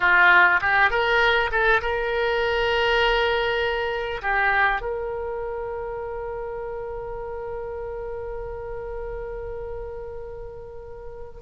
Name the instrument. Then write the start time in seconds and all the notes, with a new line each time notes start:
oboe
0.00 F4
0.61 G4
0.90 A#4
1.51 A4
1.81 A#4
4.22 G4
4.81 A#4